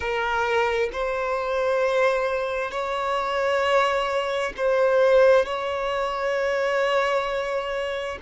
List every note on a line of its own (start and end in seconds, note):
0.00 0.89 A#4
0.92 2.71 C5
2.71 4.52 C#5
4.57 5.45 C5
5.45 8.18 C#5